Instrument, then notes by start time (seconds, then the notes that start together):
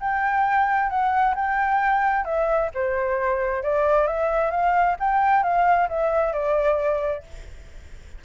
flute
0.00 G5
0.89 F#5
1.35 G5
2.25 E5
2.74 C5
3.63 D5
4.07 E5
4.51 F5
5.00 G5
5.43 F5
5.89 E5
6.33 D5